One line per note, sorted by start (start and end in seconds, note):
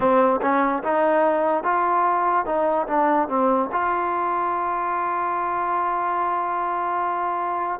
0.00 0.40 C4
0.41 0.82 C#4
0.83 1.63 D#4
1.63 2.45 F4
2.45 2.87 D#4
2.87 3.28 D4
3.28 3.69 C4
3.72 7.80 F4